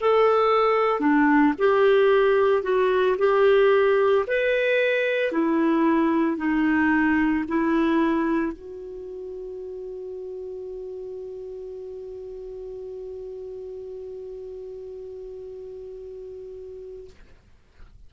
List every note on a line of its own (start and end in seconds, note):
0.00 1.00 A4
1.00 1.53 D4
1.58 2.62 G4
2.62 3.16 F#4
3.18 4.25 G4
4.27 5.32 B4
5.32 6.37 E4
6.37 7.44 D#4
7.48 8.52 E4
8.52 17.09 F#4